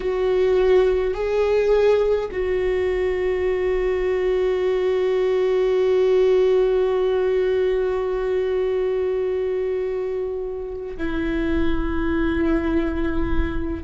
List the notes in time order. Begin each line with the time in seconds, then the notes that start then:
0.00 F#4
1.14 G#4
2.31 F#4
10.97 E4